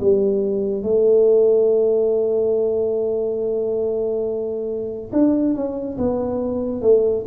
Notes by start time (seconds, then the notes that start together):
0.00 G3
0.83 A3
5.12 D4
5.54 C#4
5.97 B3
6.81 A3